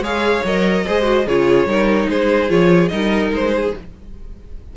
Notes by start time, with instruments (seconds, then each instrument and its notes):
0.00 cello G#3, viola G#4, violin C#5 F5
0.45 cello F#3, viola A#4, violin D#5
0.86 cello G#3, viola G#4, violin C5
1.03 viola F#4
1.27 cello C#3, viola F4, violin G#4 C#5
1.66 cello G3, viola D#4, violin A#4
2.09 cello G#3, violin G#4 C5
2.49 cello F3, viola F4, violin C#5
2.89 cello G3, viola D#4, violin A#4 D#5
3.32 cello G#3, violin C5
3.56 violin G#4